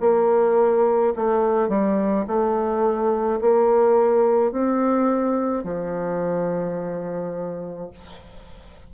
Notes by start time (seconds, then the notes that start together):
0.00 A#3
1.16 A3
1.69 G3
2.27 A3
3.41 A#3
4.52 C4
5.64 F3